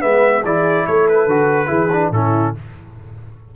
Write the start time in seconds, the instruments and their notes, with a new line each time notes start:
0.00 tuba G#3, trombone B3, horn B4, trumpet E5
0.44 tuba E3, trombone E4, horn G#4, trumpet D5
0.87 tuba A3, horn A4, trumpet C#5
1.08 trumpet B4
1.26 tuba D3, trombone F#4
1.66 tuba E3, trombone E4, horn G#4
1.93 trombone D4
2.11 tuba A2, trombone C#4, horn E4, trumpet A4